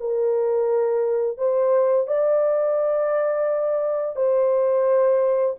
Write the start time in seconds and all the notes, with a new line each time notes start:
0.00 A#4
1.37 C5
2.07 D5
4.16 C5